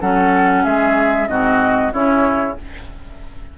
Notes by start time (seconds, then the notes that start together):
0.00 F#3 C#4 A4 F#5
0.63 G#3 G#4 E5
1.28 G#2 C4 F#4 D#5
1.92 C#3 C#4 E4 C#5